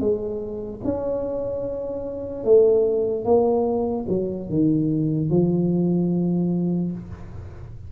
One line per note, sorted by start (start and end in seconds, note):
0.00 0.81 G#3
0.84 2.45 C#4
2.45 3.25 A3
3.25 4.06 A#3
4.09 4.50 F#3
4.50 5.30 D#3
5.30 6.92 F3